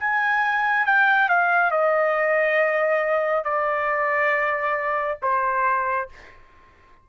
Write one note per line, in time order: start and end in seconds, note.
0.00 0.86 G#5
0.86 1.29 G5
1.29 1.71 F5
1.71 3.45 D#5
3.45 5.19 D5
5.23 6.09 C5